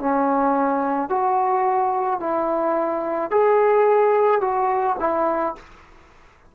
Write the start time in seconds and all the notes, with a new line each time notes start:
0.00 C#4
1.10 F#4
2.20 E4
3.31 G#4
4.41 F#4
4.99 E4